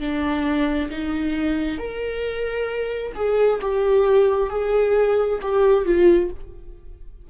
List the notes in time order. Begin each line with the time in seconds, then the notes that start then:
0.00 D4
0.90 D#4
1.78 A#4
3.15 G#4
3.61 G4
4.50 G#4
5.41 G4
5.85 F4